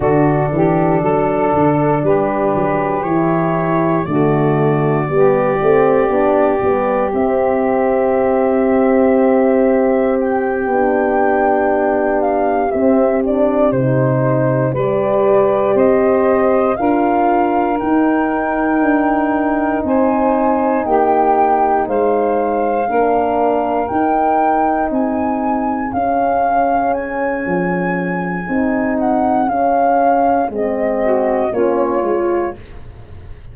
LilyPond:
<<
  \new Staff \with { instrumentName = "flute" } { \time 4/4 \tempo 4 = 59 a'2 b'4 cis''4 | d''2. e''4~ | e''2 g''2 | f''8 e''8 d''8 c''4 d''4 dis''8~ |
dis''8 f''4 g''2 gis''8~ | gis''8 g''4 f''2 g''8~ | g''8 gis''4 f''4 gis''4.~ | gis''8 fis''8 f''4 dis''4 cis''4 | }
  \new Staff \with { instrumentName = "saxophone" } { \time 4/4 fis'8 g'8 a'4 g'2 | fis'4 g'2.~ | g'1~ | g'2~ g'8 b'4 c''8~ |
c''8 ais'2. c''8~ | c''8 g'4 c''4 ais'4.~ | ais'8 gis'2.~ gis'8~ | gis'2~ gis'8 fis'8 f'4 | }
  \new Staff \with { instrumentName = "horn" } { \time 4/4 d'2. e'4 | a4 b8 c'8 d'8 b8 c'4~ | c'2~ c'8 d'4.~ | d'8 c'8 d'8 dis'4 g'4.~ |
g'8 f'4 dis'2~ dis'8~ | dis'2~ dis'8 d'4 dis'8~ | dis'4. cis'2~ cis'8 | dis'4 cis'4 c'4 cis'8 f'8 | }
  \new Staff \with { instrumentName = "tuba" } { \time 4/4 d8 e8 fis8 d8 g8 fis8 e4 | d4 g8 a8 b8 g8 c'4~ | c'2~ c'8 b4.~ | b8 c'4 c4 g4 c'8~ |
c'8 d'4 dis'4 d'4 c'8~ | c'8 ais4 gis4 ais4 dis'8~ | dis'8 c'4 cis'4. f4 | c'4 cis'4 gis4 ais8 gis8 | }
>>